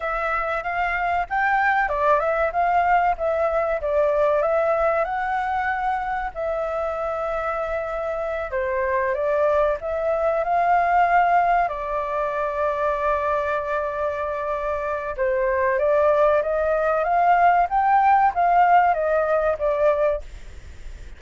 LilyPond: \new Staff \with { instrumentName = "flute" } { \time 4/4 \tempo 4 = 95 e''4 f''4 g''4 d''8 e''8 | f''4 e''4 d''4 e''4 | fis''2 e''2~ | e''4. c''4 d''4 e''8~ |
e''8 f''2 d''4.~ | d''1 | c''4 d''4 dis''4 f''4 | g''4 f''4 dis''4 d''4 | }